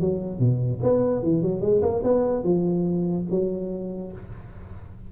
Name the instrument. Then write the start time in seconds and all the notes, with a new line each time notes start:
tuba
0.00 F#3
0.39 B2
0.82 B3
1.22 E3
1.42 F#3
1.61 G#3
1.82 A#3
2.03 B3
2.43 F3
3.30 F#3